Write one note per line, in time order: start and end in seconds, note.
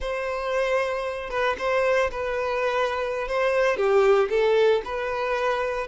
0.00 1.30 C5
1.30 1.56 B4
1.58 2.10 C5
2.11 3.28 B4
3.28 3.76 C5
3.76 4.29 G4
4.29 4.81 A4
4.85 5.87 B4